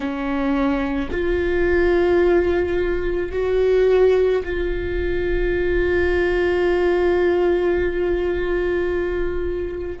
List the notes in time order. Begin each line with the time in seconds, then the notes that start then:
0.00 C#4
1.11 F4
3.31 F#4
4.43 F4